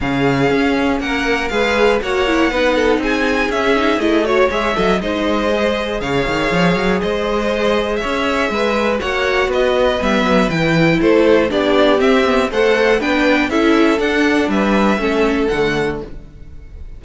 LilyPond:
<<
  \new Staff \with { instrumentName = "violin" } { \time 4/4 \tempo 4 = 120 f''2 fis''4 f''4 | fis''2 gis''4 e''4 | dis''8 cis''8 e''4 dis''2 | f''2 dis''2 |
e''2 fis''4 dis''4 | e''4 g''4 c''4 d''4 | e''4 fis''4 g''4 e''4 | fis''4 e''2 fis''4 | }
  \new Staff \with { instrumentName = "violin" } { \time 4/4 gis'2 ais'4 b'4 | cis''4 b'8 a'8 gis'2~ | gis'8 cis''4 dis''8 c''2 | cis''2 c''2 |
cis''4 b'4 cis''4 b'4~ | b'2 a'4 g'4~ | g'4 c''4 b'4 a'4~ | a'4 b'4 a'2 | }
  \new Staff \with { instrumentName = "viola" } { \time 4/4 cis'2. gis'4 | fis'8 e'8 dis'2 cis'8 dis'8 | e'8 fis'8 gis'8 a'8 dis'4 gis'4~ | gis'1~ |
gis'2 fis'2 | b4 e'2 d'4 | c'8 b8 a'4 d'4 e'4 | d'2 cis'4 a4 | }
  \new Staff \with { instrumentName = "cello" } { \time 4/4 cis4 cis'4 ais4 gis4 | ais4 b4 c'4 cis'4 | a4 gis8 fis8 gis2 | cis8 dis8 f8 fis8 gis2 |
cis'4 gis4 ais4 b4 | g8 fis8 e4 a4 b4 | c'4 a4 b4 cis'4 | d'4 g4 a4 d4 | }
>>